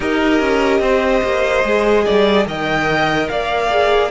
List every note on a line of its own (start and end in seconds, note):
0.00 0.40 D#4
0.00 1.63 G4
0.00 0.80 A#4
0.00 2.47 D#5
0.40 0.80 C#4
0.80 1.21 C4
0.80 2.04 C5
1.23 1.64 A#3
1.63 2.05 G#3
1.63 2.45 G#4
2.05 2.46 G3
2.05 2.46 D5
2.45 3.28 D#3
2.45 3.68 A#4
2.45 3.30 D#5
2.45 3.29 G5
3.29 4.11 A#3
3.29 4.11 D5
3.29 4.11 F5
3.69 4.10 G#4